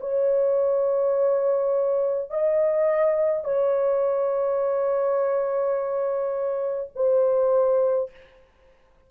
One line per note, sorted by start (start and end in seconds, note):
0.00 2.30 C#5
2.30 3.44 D#5
3.44 6.90 C#5
6.95 8.11 C5